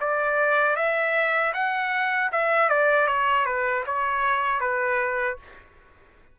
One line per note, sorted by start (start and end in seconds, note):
0.00 0.76 D5
0.76 1.53 E5
1.53 2.30 F#5
2.32 2.69 E5
2.69 3.07 D5
3.07 3.45 C#5
3.45 3.84 B4
3.86 4.60 C#5
4.60 5.37 B4